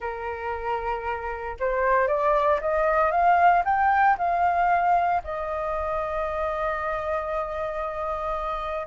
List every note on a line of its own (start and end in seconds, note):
0.00 1.57 A#4
1.59 2.07 C5
2.07 2.59 D5
2.60 3.11 D#5
3.11 3.63 F5
3.64 4.16 G5
4.17 5.22 F5
5.24 8.86 D#5